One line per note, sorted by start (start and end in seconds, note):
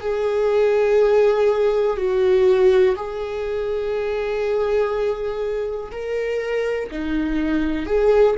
0.00 1.97 G#4
1.97 2.95 F#4
2.96 5.91 G#4
5.92 6.90 A#4
6.91 7.86 D#4
7.86 8.35 G#4